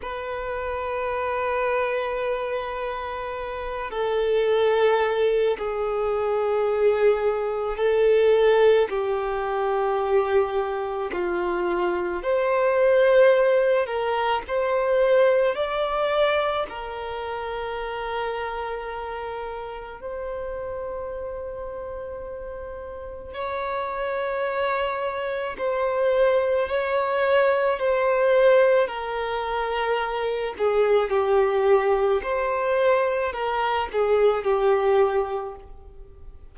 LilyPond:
\new Staff \with { instrumentName = "violin" } { \time 4/4 \tempo 4 = 54 b'2.~ b'8 a'8~ | a'4 gis'2 a'4 | g'2 f'4 c''4~ | c''8 ais'8 c''4 d''4 ais'4~ |
ais'2 c''2~ | c''4 cis''2 c''4 | cis''4 c''4 ais'4. gis'8 | g'4 c''4 ais'8 gis'8 g'4 | }